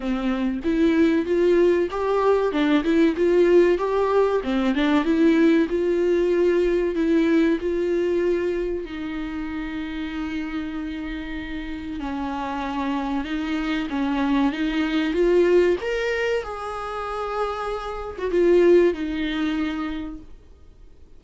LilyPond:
\new Staff \with { instrumentName = "viola" } { \time 4/4 \tempo 4 = 95 c'4 e'4 f'4 g'4 | d'8 e'8 f'4 g'4 c'8 d'8 | e'4 f'2 e'4 | f'2 dis'2~ |
dis'2. cis'4~ | cis'4 dis'4 cis'4 dis'4 | f'4 ais'4 gis'2~ | gis'8. fis'16 f'4 dis'2 | }